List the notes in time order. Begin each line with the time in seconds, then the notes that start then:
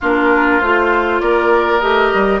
0.00 A#3 D4 F4 A#4
0.60 A3 F4 C5
1.20 A#3 A#4 D5
1.79 A3 G4 D#5
2.13 G3